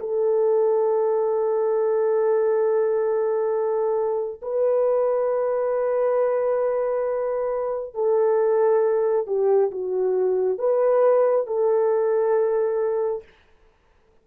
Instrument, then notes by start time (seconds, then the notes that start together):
horn
0.00 A4
4.42 B4
7.95 A4
9.27 G4
9.72 F#4
10.59 B4
11.47 A4